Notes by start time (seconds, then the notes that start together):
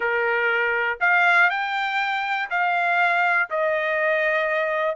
0.00 A#4
1.00 F5
1.50 G5
2.50 F5
3.50 D#5